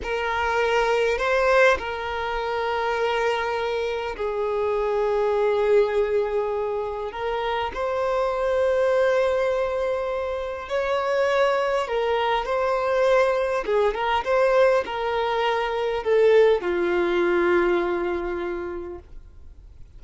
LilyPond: \new Staff \with { instrumentName = "violin" } { \time 4/4 \tempo 4 = 101 ais'2 c''4 ais'4~ | ais'2. gis'4~ | gis'1 | ais'4 c''2.~ |
c''2 cis''2 | ais'4 c''2 gis'8 ais'8 | c''4 ais'2 a'4 | f'1 | }